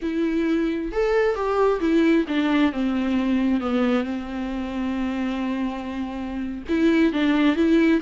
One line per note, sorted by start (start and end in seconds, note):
0.02 0.91 E4
0.91 1.35 A4
1.35 1.80 G4
1.80 2.25 E4
2.28 2.72 D4
2.72 3.60 C4
3.60 4.04 B3
4.04 6.63 C4
6.68 7.13 E4
7.13 7.55 D4
7.55 8.01 E4